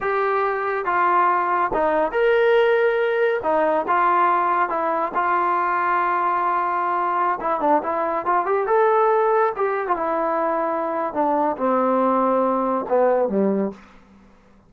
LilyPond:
\new Staff \with { instrumentName = "trombone" } { \time 4/4 \tempo 4 = 140 g'2 f'2 | dis'4 ais'2. | dis'4 f'2 e'4 | f'1~ |
f'4~ f'16 e'8 d'8 e'4 f'8 g'16~ | g'16 a'2 g'8. f'16 e'8.~ | e'2 d'4 c'4~ | c'2 b4 g4 | }